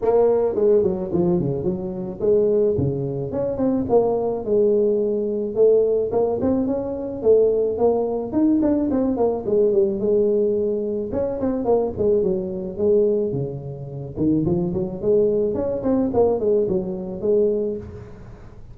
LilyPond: \new Staff \with { instrumentName = "tuba" } { \time 4/4 \tempo 4 = 108 ais4 gis8 fis8 f8 cis8 fis4 | gis4 cis4 cis'8 c'8 ais4 | gis2 a4 ais8 c'8 | cis'4 a4 ais4 dis'8 d'8 |
c'8 ais8 gis8 g8 gis2 | cis'8 c'8 ais8 gis8 fis4 gis4 | cis4. dis8 f8 fis8 gis4 | cis'8 c'8 ais8 gis8 fis4 gis4 | }